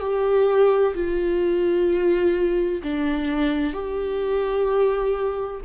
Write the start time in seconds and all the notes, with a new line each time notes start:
0.00 G4
0.94 F4
2.83 D4
3.73 G4